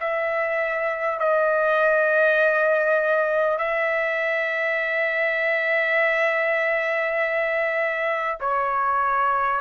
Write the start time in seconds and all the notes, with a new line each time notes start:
0.00 E5
1.19 D#5
3.58 E5
8.41 C#5